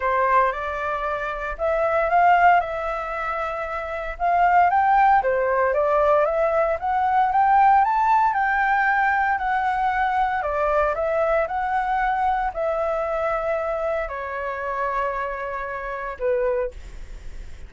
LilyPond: \new Staff \with { instrumentName = "flute" } { \time 4/4 \tempo 4 = 115 c''4 d''2 e''4 | f''4 e''2. | f''4 g''4 c''4 d''4 | e''4 fis''4 g''4 a''4 |
g''2 fis''2 | d''4 e''4 fis''2 | e''2. cis''4~ | cis''2. b'4 | }